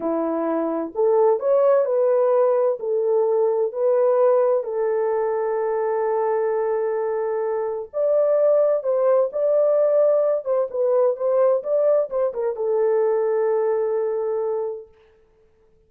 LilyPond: \new Staff \with { instrumentName = "horn" } { \time 4/4 \tempo 4 = 129 e'2 a'4 cis''4 | b'2 a'2 | b'2 a'2~ | a'1~ |
a'4 d''2 c''4 | d''2~ d''8 c''8 b'4 | c''4 d''4 c''8 ais'8 a'4~ | a'1 | }